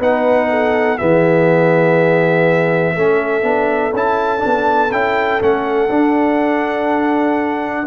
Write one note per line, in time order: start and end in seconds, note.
0.00 0.98 B3
0.00 0.99 D#4
0.00 0.49 B4
0.00 0.98 F#5
0.50 0.98 A4
0.98 2.97 E3
0.98 2.95 B3
0.98 2.95 G#4
0.98 3.93 E5
2.95 3.43 A3
2.95 3.42 C#4
2.95 7.87 A4
3.42 3.92 B3
3.42 3.92 D4
3.93 4.43 C#4
3.93 4.39 E4
3.93 4.92 A5
4.39 4.89 D4
4.45 4.92 B3
4.92 5.41 C#4
4.92 5.41 E4
4.92 5.42 G5
5.41 5.90 A3
5.41 5.90 C#4
5.41 7.87 F#5
5.90 7.86 D4
5.90 7.87 D4